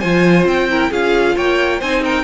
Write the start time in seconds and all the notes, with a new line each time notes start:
0.00 F3 F4 C5 G#5
0.46 C4 G5
0.70 E4 A#4
0.91 C#4 F4 G#4 F5
1.36 A#3 C#5 G5
1.79 C4 D#4 C5 G#5
2.05 A#4 G5